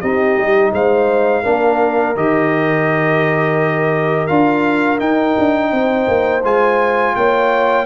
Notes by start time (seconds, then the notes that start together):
0.00 C4 D#4 G4 D#5
0.36 G3
0.72 G#3 C5 F5
1.43 A#3 D4 A#4
2.16 D#3 G4 D#5
4.27 D4 F4 F5
4.98 D#4 G5
5.38 D4
5.71 C4 C5
6.07 A#3
6.43 G#3 F4 G#5
7.15 A#3 C#5 G5